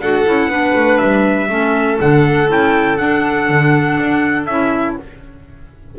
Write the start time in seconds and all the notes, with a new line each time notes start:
0.00 D4 F#4 A4 F#5
0.26 C#4 E4
0.48 B3 D4 B4
0.75 A3
0.98 G3 E5
1.48 A3 C#4 A4
1.99 D3 D4 F#5
2.47 C#4 E4 G5
2.97 D4 F#5
3.49 D3
3.99 D4
4.45 C#4 E4 E5